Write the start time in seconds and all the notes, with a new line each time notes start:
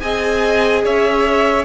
0.00 C4 G#4 D#5 G#5
0.84 C#4 C#5 E5